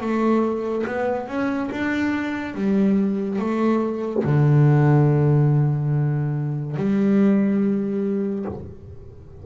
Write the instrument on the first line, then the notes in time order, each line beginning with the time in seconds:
double bass
0.00 A3
0.86 B3
1.27 C#4
1.71 D4
2.54 G3
3.38 A3
4.24 D3
6.76 G3